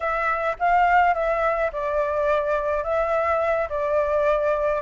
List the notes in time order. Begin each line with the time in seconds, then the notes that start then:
0.00 E5
0.59 F5
1.14 E5
1.72 D5
2.83 E5
3.69 D5